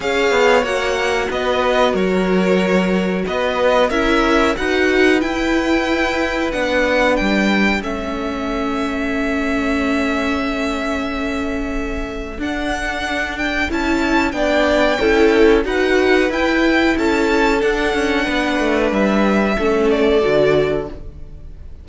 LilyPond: <<
  \new Staff \with { instrumentName = "violin" } { \time 4/4 \tempo 4 = 92 f''4 fis''4 dis''4 cis''4~ | cis''4 dis''4 e''4 fis''4 | g''2 fis''4 g''4 | e''1~ |
e''2. fis''4~ | fis''8 g''8 a''4 g''2 | fis''4 g''4 a''4 fis''4~ | fis''4 e''4. d''4. | }
  \new Staff \with { instrumentName = "violin" } { \time 4/4 cis''2 b'4 ais'4~ | ais'4 b'4 ais'4 b'4~ | b'1 | a'1~ |
a'1~ | a'2 d''4 a'4 | b'2 a'2 | b'2 a'2 | }
  \new Staff \with { instrumentName = "viola" } { \time 4/4 gis'4 fis'2.~ | fis'2 e'4 fis'4 | e'2 d'2 | cis'1~ |
cis'2. d'4~ | d'4 e'4 d'4 e'4 | fis'4 e'2 d'4~ | d'2 cis'4 fis'4 | }
  \new Staff \with { instrumentName = "cello" } { \time 4/4 cis'8 b8 ais4 b4 fis4~ | fis4 b4 cis'4 dis'4 | e'2 b4 g4 | a1~ |
a2. d'4~ | d'4 cis'4 b4 cis'4 | dis'4 e'4 cis'4 d'8 cis'8 | b8 a8 g4 a4 d4 | }
>>